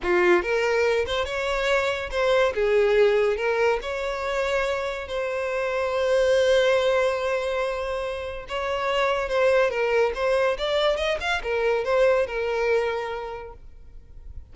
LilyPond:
\new Staff \with { instrumentName = "violin" } { \time 4/4 \tempo 4 = 142 f'4 ais'4. c''8 cis''4~ | cis''4 c''4 gis'2 | ais'4 cis''2. | c''1~ |
c''1 | cis''2 c''4 ais'4 | c''4 d''4 dis''8 f''8 ais'4 | c''4 ais'2. | }